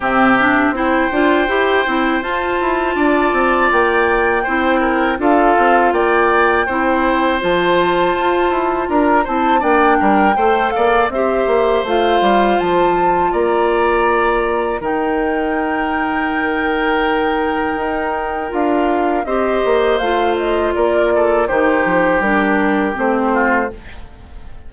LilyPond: <<
  \new Staff \with { instrumentName = "flute" } { \time 4/4 \tempo 4 = 81 e''4 g''2 a''4~ | a''4 g''2 f''4 | g''2 a''2 | ais''8 a''8 g''4. f''8 e''4 |
f''4 a''4 ais''2 | g''1~ | g''4 f''4 dis''4 f''8 dis''8 | d''4 c''4 ais'4 c''4 | }
  \new Staff \with { instrumentName = "oboe" } { \time 4/4 g'4 c''2. | d''2 c''8 ais'8 a'4 | d''4 c''2. | ais'8 c''8 d''8 ais'8 c''8 d''8 c''4~ |
c''2 d''2 | ais'1~ | ais'2 c''2 | ais'8 a'8 g'2~ g'8 f'8 | }
  \new Staff \with { instrumentName = "clarinet" } { \time 4/4 c'8 d'8 e'8 f'8 g'8 e'8 f'4~ | f'2 e'4 f'4~ | f'4 e'4 f'2~ | f'8 e'8 d'4 a'4 g'4 |
f'1 | dis'1~ | dis'4 f'4 g'4 f'4~ | f'4 dis'4 d'4 c'4 | }
  \new Staff \with { instrumentName = "bassoon" } { \time 4/4 c4 c'8 d'8 e'8 c'8 f'8 e'8 | d'8 c'8 ais4 c'4 d'8 c'8 | ais4 c'4 f4 f'8 e'8 | d'8 c'8 ais8 g8 a8 ais8 c'8 ais8 |
a8 g8 f4 ais2 | dis1 | dis'4 d'4 c'8 ais8 a4 | ais4 dis8 f8 g4 a4 | }
>>